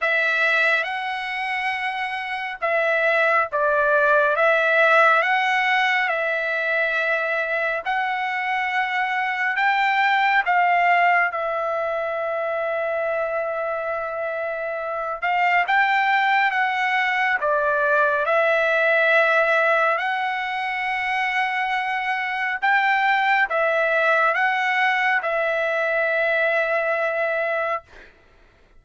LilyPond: \new Staff \with { instrumentName = "trumpet" } { \time 4/4 \tempo 4 = 69 e''4 fis''2 e''4 | d''4 e''4 fis''4 e''4~ | e''4 fis''2 g''4 | f''4 e''2.~ |
e''4. f''8 g''4 fis''4 | d''4 e''2 fis''4~ | fis''2 g''4 e''4 | fis''4 e''2. | }